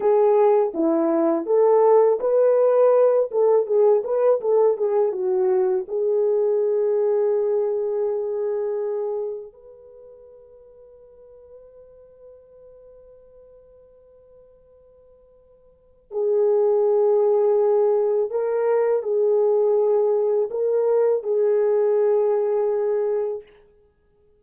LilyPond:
\new Staff \with { instrumentName = "horn" } { \time 4/4 \tempo 4 = 82 gis'4 e'4 a'4 b'4~ | b'8 a'8 gis'8 b'8 a'8 gis'8 fis'4 | gis'1~ | gis'4 b'2.~ |
b'1~ | b'2 gis'2~ | gis'4 ais'4 gis'2 | ais'4 gis'2. | }